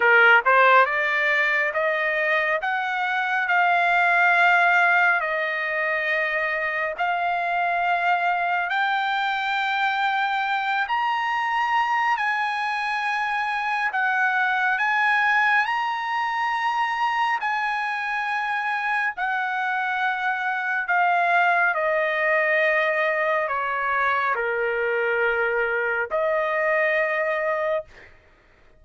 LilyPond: \new Staff \with { instrumentName = "trumpet" } { \time 4/4 \tempo 4 = 69 ais'8 c''8 d''4 dis''4 fis''4 | f''2 dis''2 | f''2 g''2~ | g''8 ais''4. gis''2 |
fis''4 gis''4 ais''2 | gis''2 fis''2 | f''4 dis''2 cis''4 | ais'2 dis''2 | }